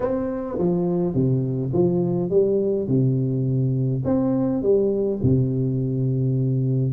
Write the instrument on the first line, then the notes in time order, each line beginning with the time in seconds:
tuba
0.00 C4
0.58 F3
1.14 C3
1.73 F3
2.29 G3
2.87 C3
4.04 C4
4.62 G3
5.22 C3